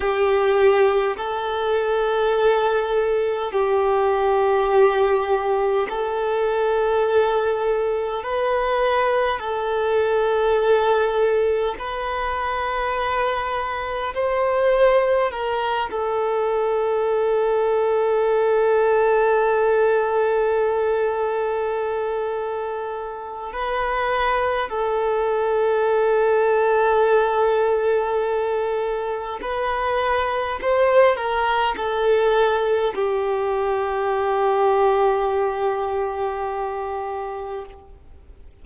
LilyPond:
\new Staff \with { instrumentName = "violin" } { \time 4/4 \tempo 4 = 51 g'4 a'2 g'4~ | g'4 a'2 b'4 | a'2 b'2 | c''4 ais'8 a'2~ a'8~ |
a'1 | b'4 a'2.~ | a'4 b'4 c''8 ais'8 a'4 | g'1 | }